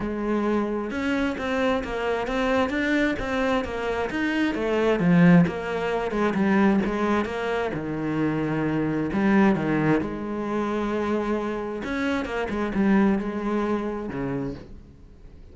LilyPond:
\new Staff \with { instrumentName = "cello" } { \time 4/4 \tempo 4 = 132 gis2 cis'4 c'4 | ais4 c'4 d'4 c'4 | ais4 dis'4 a4 f4 | ais4. gis8 g4 gis4 |
ais4 dis2. | g4 dis4 gis2~ | gis2 cis'4 ais8 gis8 | g4 gis2 cis4 | }